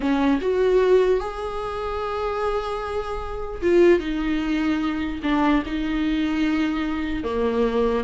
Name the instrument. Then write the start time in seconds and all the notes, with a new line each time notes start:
viola
0.00 C#4
0.41 F#4
1.20 G#4
3.61 F4
3.99 D#4
5.23 D4
5.66 D#4
7.23 A#3